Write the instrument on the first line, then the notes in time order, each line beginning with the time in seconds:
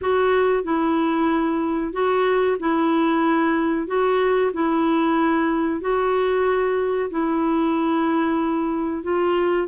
clarinet
0.01 F#4
0.63 E4
1.92 F#4
2.59 E4
3.87 F#4
4.53 E4
5.80 F#4
7.10 E4
9.03 F4